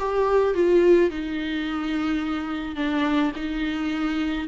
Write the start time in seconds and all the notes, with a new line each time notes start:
0.00 G4
0.55 F4
1.11 D#4
2.76 D4
3.36 D#4